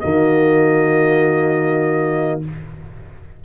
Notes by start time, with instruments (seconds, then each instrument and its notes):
0.00 tuba D#3, trombone A#3, horn F#4, trumpet D#5